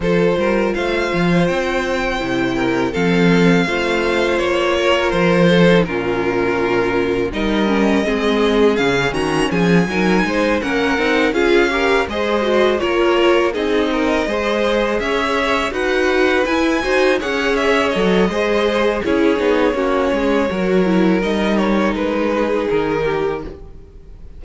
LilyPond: <<
  \new Staff \with { instrumentName = "violin" } { \time 4/4 \tempo 4 = 82 c''4 f''4 g''2 | f''2 cis''4 c''4 | ais'2 dis''2 | f''8 ais''8 gis''4. fis''4 f''8~ |
f''8 dis''4 cis''4 dis''4.~ | dis''8 e''4 fis''4 gis''4 fis''8 | e''8 dis''4. cis''2~ | cis''4 dis''8 cis''8 b'4 ais'4 | }
  \new Staff \with { instrumentName = "violin" } { \time 4/4 a'8 ais'8 c''2~ c''8 ais'8 | a'4 c''4. ais'4 a'8 | f'2 ais'4 gis'4~ | gis'8 fis'8 gis'8 ais'8 c''8 ais'4 gis'8 |
ais'8 c''4 ais'4 gis'8 ais'8 c''8~ | c''8 cis''4 b'4. c''8 cis''8~ | cis''4 c''4 gis'4 fis'8 gis'8 | ais'2~ ais'8 gis'4 g'8 | }
  \new Staff \with { instrumentName = "viola" } { \time 4/4 f'2. e'4 | c'4 f'2~ f'8. dis'16 | cis'2 dis'8 cis'8 c'4 | cis'4. dis'4 cis'8 dis'8 f'8 |
g'8 gis'8 fis'8 f'4 dis'4 gis'8~ | gis'4. fis'4 e'8 fis'8 gis'8~ | gis'8 a'8 gis'4 e'8 dis'8 cis'4 | fis'8 e'8 dis'2. | }
  \new Staff \with { instrumentName = "cello" } { \time 4/4 f8 g8 a8 f8 c'4 c4 | f4 a4 ais4 f4 | ais,2 g4 gis4 | cis8 dis8 f8 fis8 gis8 ais8 c'8 cis'8~ |
cis'8 gis4 ais4 c'4 gis8~ | gis8 cis'4 dis'4 e'8 dis'8 cis'8~ | cis'8 fis8 gis4 cis'8 b8 ais8 gis8 | fis4 g4 gis4 dis4 | }
>>